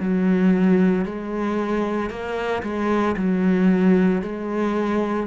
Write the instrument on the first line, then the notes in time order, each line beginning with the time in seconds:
cello
0.00 F#3
1.05 G#3
2.10 A#3
2.63 G#3
3.16 F#3
4.22 G#3